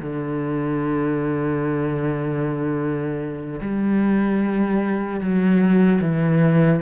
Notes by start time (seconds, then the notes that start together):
0.00 D3
3.61 G3
5.20 F#3
6.01 E3